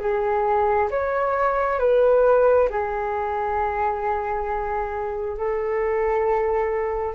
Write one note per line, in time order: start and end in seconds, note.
0.00 0.90 G#4
0.91 1.80 C#5
1.80 2.69 B4
2.70 5.38 G#4
5.38 7.15 A4